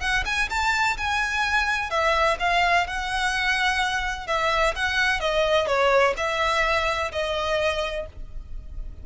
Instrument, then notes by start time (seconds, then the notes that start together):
violin
0.00 F#5
0.25 G#5
0.49 A5
0.97 G#5
1.90 E5
2.39 F5
2.87 F#5
4.27 E5
4.75 F#5
5.20 D#5
5.67 C#5
6.17 E5
7.11 D#5